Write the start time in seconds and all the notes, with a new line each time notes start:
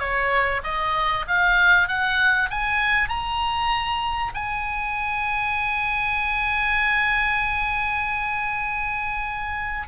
0.00 C#5
0.64 D#5
1.28 F5
1.88 F#5
2.51 G#5
3.09 A#5
4.35 G#5